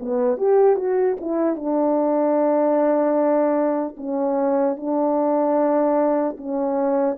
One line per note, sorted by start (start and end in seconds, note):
0.00 0.37 B3
0.37 0.76 G4
0.76 1.16 F#4
1.20 1.56 E4
1.56 3.96 D4
3.97 4.77 C#4
4.77 6.37 D4
6.37 7.17 C#4